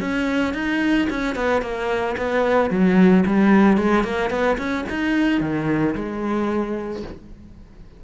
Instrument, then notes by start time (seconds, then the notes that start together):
cello
0.00 C#4
0.53 D#4
1.09 C#4
1.35 B3
1.61 A#3
2.16 B3
2.70 F#3
3.26 G3
3.77 G#3
4.03 A#3
4.30 B3
4.57 C#4
4.89 D#4
5.40 D#3
5.95 G#3